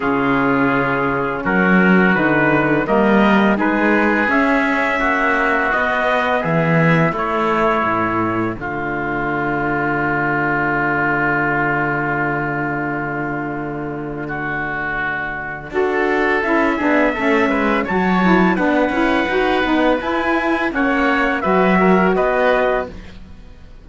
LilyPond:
<<
  \new Staff \with { instrumentName = "trumpet" } { \time 4/4 \tempo 4 = 84 gis'2 ais'4 b'4 | dis''4 b'4 e''2 | dis''4 e''4 cis''2 | d''1~ |
d''1~ | d''2. e''4~ | e''4 a''4 fis''2 | gis''4 fis''4 e''4 dis''4 | }
  \new Staff \with { instrumentName = "oboe" } { \time 4/4 f'2 fis'2 | ais'4 gis'2 fis'4~ | fis'4 gis'4 e'2 | f'1~ |
f'1 | fis'2 a'4. gis'8 | a'8 b'8 cis''4 b'2~ | b'4 cis''4 b'8 ais'8 b'4 | }
  \new Staff \with { instrumentName = "saxophone" } { \time 4/4 cis'2. dis'4 | ais4 dis'4 cis'2 | b2 a2~ | a1~ |
a1~ | a2 fis'4 e'8 d'8 | cis'4 fis'8 e'8 d'8 e'8 fis'8 dis'8 | e'4 cis'4 fis'2 | }
  \new Staff \with { instrumentName = "cello" } { \time 4/4 cis2 fis4 d4 | g4 gis4 cis'4 ais4 | b4 e4 a4 a,4 | d1~ |
d1~ | d2 d'4 cis'8 b8 | a8 gis8 fis4 b8 cis'8 dis'8 b8 | e'4 ais4 fis4 b4 | }
>>